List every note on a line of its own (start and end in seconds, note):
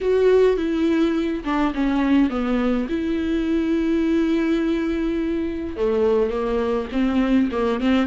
0.00 0.56 F#4
0.56 1.43 E4
1.44 1.73 D4
1.74 2.29 C#4
2.29 2.87 B3
2.89 5.76 E4
5.76 6.30 A3
6.30 6.88 A#3
6.92 7.49 C4
7.51 7.80 A#3
7.80 8.06 C4